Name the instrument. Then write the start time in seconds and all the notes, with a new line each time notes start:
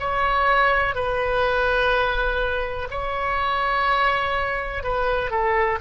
oboe
0.00 C#5
0.95 B4
2.91 C#5
4.84 B4
5.31 A4